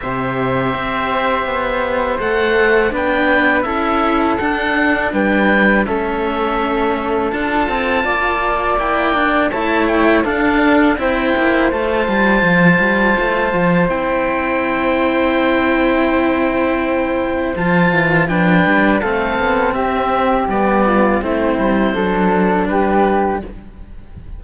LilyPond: <<
  \new Staff \with { instrumentName = "oboe" } { \time 4/4 \tempo 4 = 82 e''2. fis''4 | g''4 e''4 fis''4 g''4 | e''2 a''2 | g''4 a''8 g''8 f''4 g''4 |
a''2. g''4~ | g''1 | a''4 g''4 f''4 e''4 | d''4 c''2 b'4 | }
  \new Staff \with { instrumentName = "flute" } { \time 4/4 c''1 | b'4 a'2 b'4 | a'2. d''4~ | d''4 cis''4 a'4 c''4~ |
c''1~ | c''1~ | c''4 b'4 a'4 g'4~ | g'8 f'8 e'4 a'4 g'4 | }
  \new Staff \with { instrumentName = "cello" } { \time 4/4 g'2. a'4 | d'4 e'4 d'2 | cis'2 f'2 | e'8 d'8 e'4 d'4 e'4 |
f'2. e'4~ | e'1 | f'4 d'4 c'2 | b4 c'4 d'2 | }
  \new Staff \with { instrumentName = "cello" } { \time 4/4 c4 c'4 b4 a4 | b4 cis'4 d'4 g4 | a2 d'8 c'8 ais4~ | ais4 a4 d'4 c'8 ais8 |
a8 g8 f8 g8 a8 f8 c'4~ | c'1 | f8 e8 f8 g8 a8 b8 c'4 | g4 a8 g8 fis4 g4 | }
>>